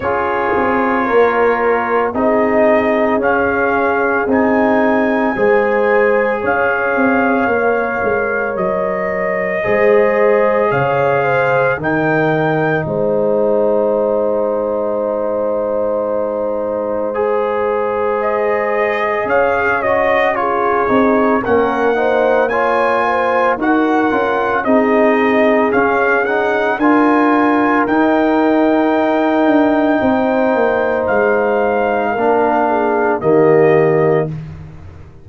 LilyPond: <<
  \new Staff \with { instrumentName = "trumpet" } { \time 4/4 \tempo 4 = 56 cis''2 dis''4 f''4 | gis''2 f''2 | dis''2 f''4 g''4 | gis''1~ |
gis''4 dis''4 f''8 dis''8 cis''4 | fis''4 gis''4 fis''4 dis''4 | f''8 fis''8 gis''4 g''2~ | g''4 f''2 dis''4 | }
  \new Staff \with { instrumentName = "horn" } { \time 4/4 gis'4 ais'4 gis'2~ | gis'4 c''4 cis''2~ | cis''4 c''4 cis''8 c''8 ais'4 | c''1~ |
c''2 cis''4 gis'4 | ais'8 c''8 cis''8 c''8 ais'4 gis'4~ | gis'4 ais'2. | c''2 ais'8 gis'8 g'4 | }
  \new Staff \with { instrumentName = "trombone" } { \time 4/4 f'2 dis'4 cis'4 | dis'4 gis'2 ais'4~ | ais'4 gis'2 dis'4~ | dis'1 |
gis'2~ gis'8 fis'8 f'8 dis'8 | cis'8 dis'8 f'4 fis'8 f'8 dis'4 | cis'8 dis'8 f'4 dis'2~ | dis'2 d'4 ais4 | }
  \new Staff \with { instrumentName = "tuba" } { \time 4/4 cis'8 c'8 ais4 c'4 cis'4 | c'4 gis4 cis'8 c'8 ais8 gis8 | fis4 gis4 cis4 dis4 | gis1~ |
gis2 cis'4. c'8 | ais2 dis'8 cis'8 c'4 | cis'4 d'4 dis'4. d'8 | c'8 ais8 gis4 ais4 dis4 | }
>>